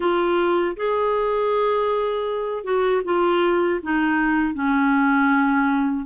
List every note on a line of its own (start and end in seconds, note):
0.00 0.76 F4
0.76 2.63 G#4
2.63 3.01 F#4
3.04 3.80 F4
3.82 4.54 D#4
4.54 6.06 C#4